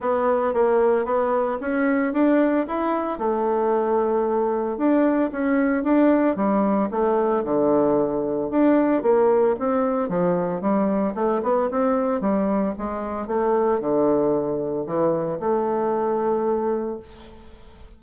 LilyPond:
\new Staff \with { instrumentName = "bassoon" } { \time 4/4 \tempo 4 = 113 b4 ais4 b4 cis'4 | d'4 e'4 a2~ | a4 d'4 cis'4 d'4 | g4 a4 d2 |
d'4 ais4 c'4 f4 | g4 a8 b8 c'4 g4 | gis4 a4 d2 | e4 a2. | }